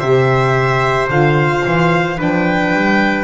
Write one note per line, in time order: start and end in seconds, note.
0.00 1.09 C3
0.00 1.09 G4
0.00 2.18 C5
0.00 1.09 E5
1.09 1.65 D3
1.09 2.16 F4
1.09 2.20 F5
1.66 2.20 E3
2.16 2.73 F3
2.16 3.25 D4
2.16 3.25 B4
2.16 3.25 G5
2.73 3.25 G3